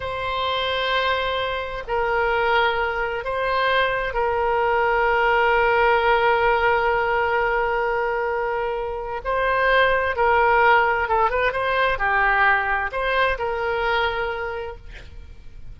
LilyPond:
\new Staff \with { instrumentName = "oboe" } { \time 4/4 \tempo 4 = 130 c''1 | ais'2. c''4~ | c''4 ais'2.~ | ais'1~ |
ais'1 | c''2 ais'2 | a'8 b'8 c''4 g'2 | c''4 ais'2. | }